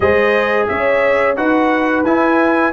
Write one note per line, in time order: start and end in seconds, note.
0.00 0.67 G#3
0.00 1.36 G#4
0.00 0.69 C5
0.00 0.66 D#5
0.68 1.37 C#4
0.68 1.37 C#5
0.68 1.36 E5
1.36 2.04 D#4
1.36 2.04 F#4
1.36 2.72 B4
1.36 2.04 F#5
2.04 2.72 E4
2.04 2.72 G#5